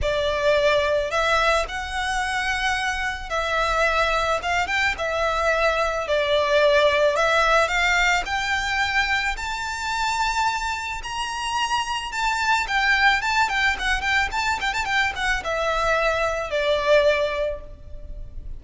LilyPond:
\new Staff \with { instrumentName = "violin" } { \time 4/4 \tempo 4 = 109 d''2 e''4 fis''4~ | fis''2 e''2 | f''8 g''8 e''2 d''4~ | d''4 e''4 f''4 g''4~ |
g''4 a''2. | ais''2 a''4 g''4 | a''8 g''8 fis''8 g''8 a''8 g''16 a''16 g''8 fis''8 | e''2 d''2 | }